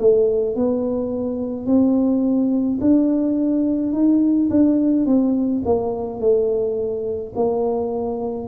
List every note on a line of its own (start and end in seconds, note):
0.00 0.56 A3
0.56 1.66 B3
1.66 2.79 C4
2.81 3.93 D4
3.93 4.49 D#4
4.50 5.06 D4
5.06 5.63 C4
5.66 6.20 A#3
6.20 7.33 A3
7.36 8.48 A#3